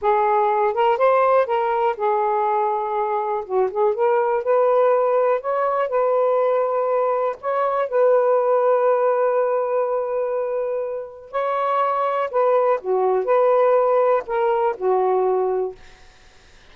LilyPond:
\new Staff \with { instrumentName = "saxophone" } { \time 4/4 \tempo 4 = 122 gis'4. ais'8 c''4 ais'4 | gis'2. fis'8 gis'8 | ais'4 b'2 cis''4 | b'2. cis''4 |
b'1~ | b'2. cis''4~ | cis''4 b'4 fis'4 b'4~ | b'4 ais'4 fis'2 | }